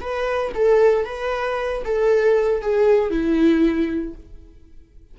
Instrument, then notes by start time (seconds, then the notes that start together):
viola
0.00 B4
0.54 A4
1.05 B4
1.84 A4
2.61 G#4
3.10 E4